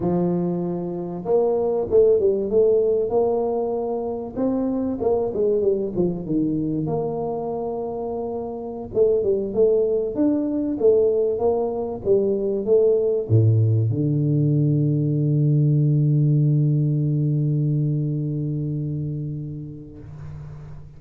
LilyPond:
\new Staff \with { instrumentName = "tuba" } { \time 4/4 \tempo 4 = 96 f2 ais4 a8 g8 | a4 ais2 c'4 | ais8 gis8 g8 f8 dis4 ais4~ | ais2~ ais16 a8 g8 a8.~ |
a16 d'4 a4 ais4 g8.~ | g16 a4 a,4 d4.~ d16~ | d1~ | d1 | }